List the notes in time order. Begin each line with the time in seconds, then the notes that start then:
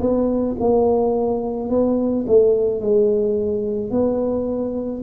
0.00 B3
0.60 A#3
1.69 B3
2.27 A3
2.81 G#3
3.90 B3